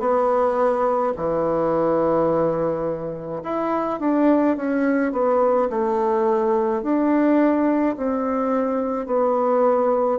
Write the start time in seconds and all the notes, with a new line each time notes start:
0.00 B3
1.16 E3
3.43 E4
4.00 D4
4.57 C#4
5.13 B3
5.70 A3
6.83 D4
7.97 C4
9.07 B3